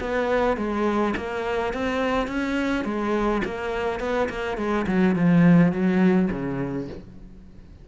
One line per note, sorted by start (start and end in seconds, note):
0.00 0.57 B3
0.57 1.14 G#3
1.16 1.73 A#3
1.73 2.27 C4
2.27 2.84 C#4
2.84 3.41 G#3
3.44 4.00 A#3
4.00 4.28 B3
4.29 4.57 A#3
4.57 4.86 G#3
4.86 5.15 F#3
5.15 5.72 F3
5.72 6.29 F#3
6.31 6.88 C#3